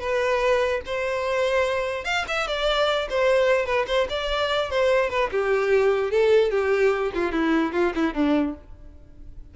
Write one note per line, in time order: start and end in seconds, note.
0.00 0.81 B4
0.86 2.05 C5
2.05 2.25 F5
2.28 2.47 E5
2.47 3.08 D5
3.10 3.66 C5
3.66 3.86 B4
3.87 4.07 C5
4.09 4.70 D5
4.70 5.10 C5
5.10 5.30 B4
5.31 6.11 G4
6.11 6.51 A4
6.51 7.12 G4
7.14 7.32 F4
7.32 7.72 E4
7.73 7.93 F4
7.95 8.14 E4
8.14 8.54 D4